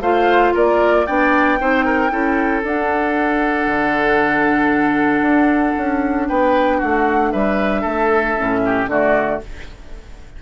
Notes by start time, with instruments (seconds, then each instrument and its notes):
0.00 bassoon A3, clarinet F4, oboe C5, flute F5
0.54 bassoon A#3, oboe A#4, flute D5
1.06 bassoon B3, clarinet D4, oboe D5, flute G5
1.58 bassoon C4, clarinet D#4, oboe C5
1.85 oboe A#4
2.09 bassoon C#4, clarinet E4, oboe A4
2.63 bassoon D4, clarinet D4, flute F#5
3.66 bassoon D3
5.21 bassoon D4
5.77 bassoon C#4
6.27 bassoon B3, oboe B4, flute G5
6.77 bassoon A3, oboe F#4, flute F#5
7.31 bassoon G3, oboe B4, flute E5
7.81 bassoon A3, oboe A4
8.37 bassoon A2, clarinet C#4
8.65 oboe G4
8.87 bassoon D3, clarinet A3, oboe F#4, flute D5